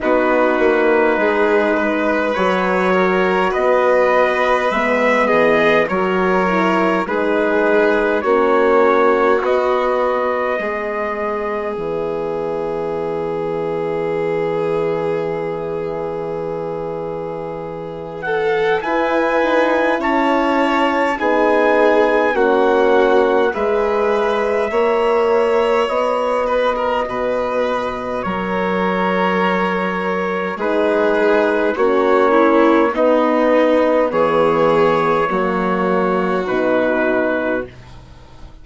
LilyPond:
<<
  \new Staff \with { instrumentName = "trumpet" } { \time 4/4 \tempo 4 = 51 b'2 cis''4 dis''4 | e''8 dis''8 cis''4 b'4 cis''4 | dis''2 e''2~ | e''2.~ e''8 fis''8 |
gis''4 a''4 gis''4 fis''4 | e''2 dis''2 | cis''2 b'4 cis''4 | dis''4 cis''2 b'4 | }
  \new Staff \with { instrumentName = "violin" } { \time 4/4 fis'4 gis'8 b'4 ais'8 b'4~ | b'8 gis'8 ais'4 gis'4 fis'4~ | fis'4 gis'2.~ | gis'2.~ gis'8 a'8 |
b'4 cis''4 gis'4 fis'4 | b'4 cis''4. b'16 ais'16 b'4 | ais'2 gis'4 fis'8 e'8 | dis'4 gis'4 fis'2 | }
  \new Staff \with { instrumentName = "horn" } { \time 4/4 dis'2 fis'2 | b4 fis'8 e'8 dis'4 cis'4 | b1~ | b1 |
e'2 dis'4 cis'4 | gis'4 fis'2.~ | fis'2 dis'4 cis'4 | b2 ais4 dis'4 | }
  \new Staff \with { instrumentName = "bassoon" } { \time 4/4 b8 ais8 gis4 fis4 b4 | gis8 e8 fis4 gis4 ais4 | b4 gis4 e2~ | e1 |
e'8 dis'8 cis'4 b4 ais4 | gis4 ais4 b4 b,4 | fis2 gis4 ais4 | b4 e4 fis4 b,4 | }
>>